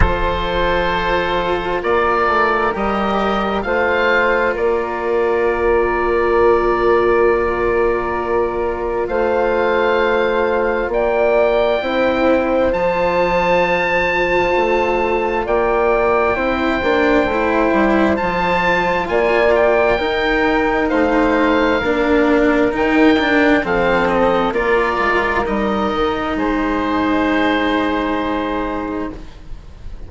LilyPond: <<
  \new Staff \with { instrumentName = "oboe" } { \time 4/4 \tempo 4 = 66 c''2 d''4 dis''4 | f''4 d''2.~ | d''2 f''2 | g''2 a''2~ |
a''4 g''2. | a''4 gis''8 g''4. f''4~ | f''4 g''4 f''8 dis''8 d''4 | dis''4 c''2. | }
  \new Staff \with { instrumentName = "flute" } { \time 4/4 a'2 ais'2 | c''4 ais'2.~ | ais'2 c''2 | d''4 c''2.~ |
c''4 d''4 c''2~ | c''4 d''4 ais'4 c''4 | ais'2 a'4 ais'4~ | ais'4 gis'2. | }
  \new Staff \with { instrumentName = "cello" } { \time 4/4 f'2. g'4 | f'1~ | f'1~ | f'4 e'4 f'2~ |
f'2 e'8 d'8 e'4 | f'2 dis'2 | d'4 dis'8 d'8 c'4 f'4 | dis'1 | }
  \new Staff \with { instrumentName = "bassoon" } { \time 4/4 f2 ais8 a8 g4 | a4 ais2.~ | ais2 a2 | ais4 c'4 f2 |
a4 ais4 c'8 ais8 a8 g8 | f4 ais4 dis'4 a4 | ais4 dis4 f4 ais8 gis8 | g8 dis8 gis2. | }
>>